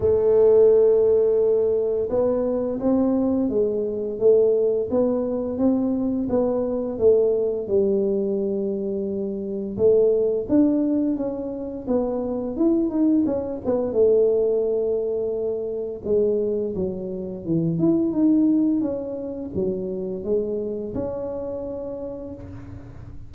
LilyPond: \new Staff \with { instrumentName = "tuba" } { \time 4/4 \tempo 4 = 86 a2. b4 | c'4 gis4 a4 b4 | c'4 b4 a4 g4~ | g2 a4 d'4 |
cis'4 b4 e'8 dis'8 cis'8 b8 | a2. gis4 | fis4 e8 e'8 dis'4 cis'4 | fis4 gis4 cis'2 | }